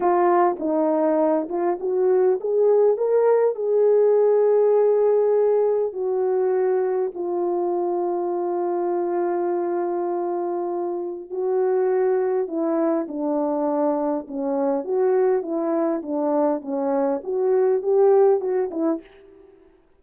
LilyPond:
\new Staff \with { instrumentName = "horn" } { \time 4/4 \tempo 4 = 101 f'4 dis'4. f'8 fis'4 | gis'4 ais'4 gis'2~ | gis'2 fis'2 | f'1~ |
f'2. fis'4~ | fis'4 e'4 d'2 | cis'4 fis'4 e'4 d'4 | cis'4 fis'4 g'4 fis'8 e'8 | }